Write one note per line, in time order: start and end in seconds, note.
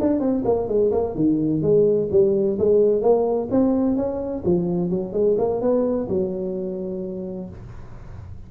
0.00 0.20 D4
0.20 0.43 C4
0.45 0.68 A#3
0.68 0.91 G#3
0.91 1.15 A#3
1.15 1.62 D#3
1.62 2.09 G#3
2.11 2.58 G3
2.58 3.01 G#3
3.01 3.48 A#3
3.50 3.96 C4
3.96 4.43 C#4
4.44 4.90 F3
4.90 5.13 F#3
5.13 5.36 G#3
5.38 5.61 A#3
5.61 6.08 B3
6.09 7.49 F#3